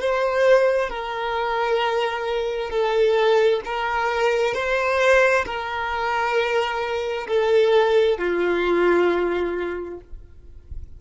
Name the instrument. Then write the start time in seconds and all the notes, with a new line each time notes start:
violin
0.00 C5
0.89 A#4
2.70 A4
3.65 A#4
4.54 C5
5.45 A#4
7.27 A4
8.18 F4